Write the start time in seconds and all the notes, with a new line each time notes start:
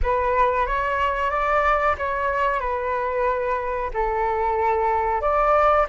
0.02 B4
0.66 C#5
1.30 D5
1.97 C#5
2.59 B4
3.93 A4
5.21 D5